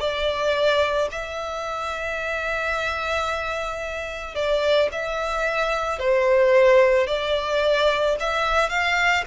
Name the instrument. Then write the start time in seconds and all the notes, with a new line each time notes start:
violin
0.00 D5
1.12 E5
4.35 D5
4.92 E5
6.00 C5
7.08 D5
8.20 E5
8.69 F5